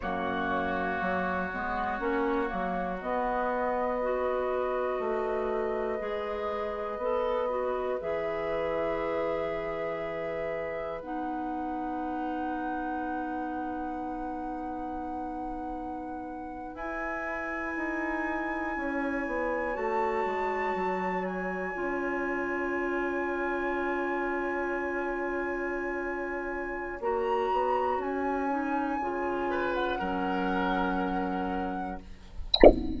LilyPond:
<<
  \new Staff \with { instrumentName = "flute" } { \time 4/4 \tempo 4 = 60 cis''2. dis''4~ | dis''1 | e''2. fis''4~ | fis''1~ |
fis''8. gis''2. a''16~ | a''4~ a''16 gis''2~ gis''8.~ | gis''2. ais''4 | gis''4.~ gis''16 fis''2~ fis''16 | }
  \new Staff \with { instrumentName = "oboe" } { \time 4/4 fis'1 | b'1~ | b'1~ | b'1~ |
b'2~ b'8. cis''4~ cis''16~ | cis''1~ | cis''1~ | cis''4. b'8 ais'2 | }
  \new Staff \with { instrumentName = "clarinet" } { \time 4/4 ais4. b8 cis'8 ais8 b4 | fis'2 gis'4 a'8 fis'8 | gis'2. dis'4~ | dis'1~ |
dis'8. e'2. fis'16~ | fis'4.~ fis'16 f'2~ f'16~ | f'2. fis'4~ | fis'8 dis'8 f'4 cis'2 | }
  \new Staff \with { instrumentName = "bassoon" } { \time 4/4 fis,4 fis8 gis8 ais8 fis8 b4~ | b4 a4 gis4 b4 | e2. b4~ | b1~ |
b8. e'4 dis'4 cis'8 b8 a16~ | a16 gis8 fis4 cis'2~ cis'16~ | cis'2. ais8 b8 | cis'4 cis4 fis2 | }
>>